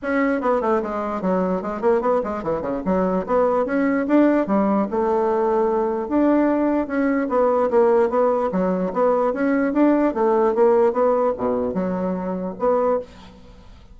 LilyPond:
\new Staff \with { instrumentName = "bassoon" } { \time 4/4 \tempo 4 = 148 cis'4 b8 a8 gis4 fis4 | gis8 ais8 b8 gis8 e8 cis8 fis4 | b4 cis'4 d'4 g4 | a2. d'4~ |
d'4 cis'4 b4 ais4 | b4 fis4 b4 cis'4 | d'4 a4 ais4 b4 | b,4 fis2 b4 | }